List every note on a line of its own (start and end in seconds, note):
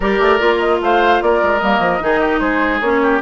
0.00 0.19 G3
0.00 0.39 G4
0.00 0.80 A#4
0.00 0.59 D5
0.19 0.39 A3
0.39 0.81 A#3
0.39 1.60 F4
0.59 0.79 D#5
0.81 1.21 A3
0.81 1.23 C5
0.81 1.22 F5
1.21 1.42 A#3
1.21 2.03 A#4
1.21 1.59 D5
1.42 1.61 G#3
1.59 1.79 G3
1.59 1.99 A#3
1.59 2.39 D#5
1.79 1.99 F3
1.99 2.40 D#3
1.99 2.80 D#4
1.99 2.19 G#4
2.19 2.40 G4
2.39 2.80 G#3
2.39 3.00 G#4
2.39 2.79 C5
2.80 3.20 A#3
2.80 3.21 C#4
2.80 3.21 C#5
3.02 3.21 G4